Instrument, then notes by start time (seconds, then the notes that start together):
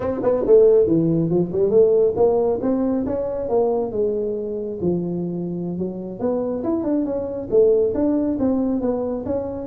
tuba
0.00 C4
0.23 B3
0.46 A3
0.86 E3
1.29 F3
1.52 G3
1.70 A3
2.16 A#3
2.61 C4
3.06 C#4
3.48 A#3
3.91 G#3
4.81 F3
5.78 F#3
6.19 B3
6.63 E4
6.83 D4
7.05 C#4
7.50 A3
7.94 D4
8.39 C4
8.81 B3
9.25 C#4